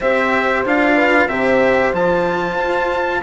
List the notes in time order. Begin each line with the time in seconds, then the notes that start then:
0.00 C4 G4 C5 E5
0.65 D4 F4 F5
0.95 B4
1.27 C3 G4 C5 E5
1.92 F3 F4 A5
2.58 F4